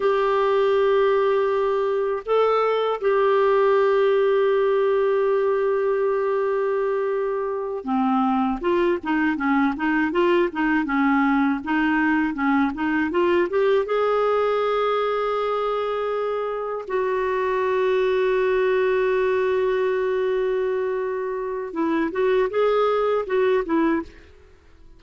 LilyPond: \new Staff \with { instrumentName = "clarinet" } { \time 4/4 \tempo 4 = 80 g'2. a'4 | g'1~ | g'2~ g'8 c'4 f'8 | dis'8 cis'8 dis'8 f'8 dis'8 cis'4 dis'8~ |
dis'8 cis'8 dis'8 f'8 g'8 gis'4.~ | gis'2~ gis'8 fis'4.~ | fis'1~ | fis'4 e'8 fis'8 gis'4 fis'8 e'8 | }